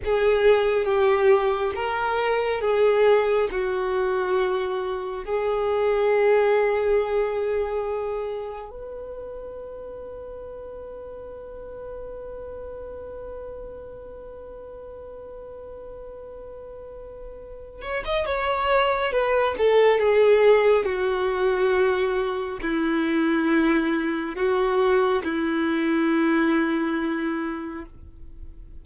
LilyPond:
\new Staff \with { instrumentName = "violin" } { \time 4/4 \tempo 4 = 69 gis'4 g'4 ais'4 gis'4 | fis'2 gis'2~ | gis'2 b'2~ | b'1~ |
b'1~ | b'8 cis''16 dis''16 cis''4 b'8 a'8 gis'4 | fis'2 e'2 | fis'4 e'2. | }